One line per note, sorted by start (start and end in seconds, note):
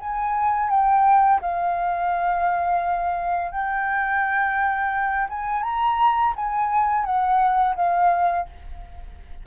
0.00 0.70 G#5
0.70 1.40 G5
1.41 3.52 F5
3.52 5.28 G5
5.29 5.63 G#5
5.63 6.33 A#5
6.36 7.05 G#5
7.05 7.75 F#5
7.76 8.46 F5